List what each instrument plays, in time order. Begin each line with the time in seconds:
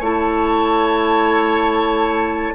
0.00 bassoon A3, clarinet E4, oboe C#5, flute A5